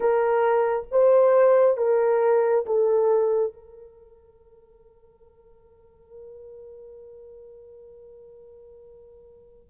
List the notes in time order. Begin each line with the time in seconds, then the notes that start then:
0.00 A#4
0.91 C5
1.76 A#4
2.66 A4
3.53 A#4